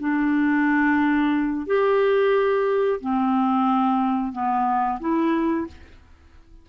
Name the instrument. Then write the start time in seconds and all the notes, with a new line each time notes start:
clarinet
0.00 D4
1.67 G4
3.01 C4
4.33 B3
5.01 E4